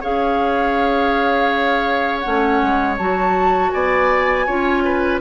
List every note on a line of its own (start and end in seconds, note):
0.00 2.26 C#4
0.00 2.23 G#4
0.00 3.70 C#5
0.00 2.20 F5
2.20 2.62 A3
2.20 2.97 C#4
2.20 2.94 F#5
2.62 2.98 G#3
2.98 3.73 F#3
2.98 4.47 F#4
2.98 3.71 A5
3.71 4.47 B3
3.71 4.46 D5
3.71 5.19 G#5
4.46 5.20 C#4
4.46 5.20 F4
4.46 4.83 C#5
4.84 5.20 B4